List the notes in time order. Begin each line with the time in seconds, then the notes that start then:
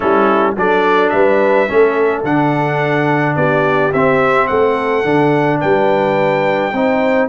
0.00 G3 C#4 E4 A4
0.56 F#3 D4 A4 D5
1.09 G3 B4 E5
1.67 A3 C#4 A4
2.23 D3 D4 F#5
3.36 B3 G4 D5
3.92 C4 E5
4.47 A3 A4 F#5
5.04 D3 D4
5.60 G3 B4 G5
6.72 C4 D#4 C5